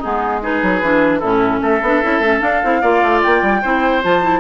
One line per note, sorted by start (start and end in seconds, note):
0.00 0.62 G#3
0.00 0.42 B3
0.00 0.40 D#4
0.00 0.43 G#4
0.42 0.82 D#4
0.42 1.20 G#4
0.42 1.20 B4
0.62 0.82 F#3
0.82 1.22 E3
0.82 1.23 D4
1.20 1.61 A2
1.20 1.83 C#4
1.20 1.60 E4
1.20 1.60 A4
1.61 1.81 A3
1.61 2.82 A4
1.61 2.41 E5
1.82 2.02 B3
1.82 2.03 D4
2.03 2.20 C#4
2.03 2.23 E4
2.20 2.40 A3
2.20 2.40 C#4
2.40 2.60 D4
2.40 2.63 D4
2.40 3.21 F5
2.63 2.83 C4
2.63 2.83 E4
2.82 3.03 A#3
2.82 3.63 F4
2.82 3.62 D5
3.03 3.23 A3
3.23 3.42 A#3
3.23 4.03 G5
3.42 3.62 G3
3.62 4.04 C4
3.62 4.03 E4
3.62 4.40 C5
4.03 4.40 F3
4.03 4.22 F4
4.03 4.40 A5
4.22 4.40 E4